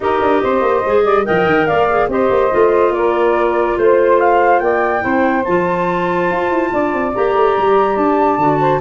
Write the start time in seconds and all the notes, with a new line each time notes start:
0.00 D#4 G4 A#4 D#5
0.21 D4
0.42 C4 C5
0.61 A#3
0.85 G#3 G#4
1.04 G3 D5
1.24 F3 A#4 D#5 G5
1.44 D#3
1.66 A#3 D5 F5
1.90 G#4
2.08 C4 G4 C5 D#5
2.29 A#3
2.50 A3 F4
2.90 A#3 A#4 D5
3.77 A3 C5
4.20 F5
4.59 A#3 D5 G5
5.00 C4 E4 C5
5.44 F3 F4 A5
6.30 F4
6.50 E4
6.72 D4 D5
6.93 C4
7.14 A#3 G4 A#5
7.33 A3
7.57 G3
7.96 D4 A5
8.37 D3 F#4
8.59 C5